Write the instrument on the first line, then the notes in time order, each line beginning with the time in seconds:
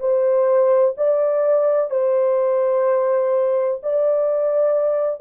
horn
0.00 C5
0.97 D5
1.90 C5
3.83 D5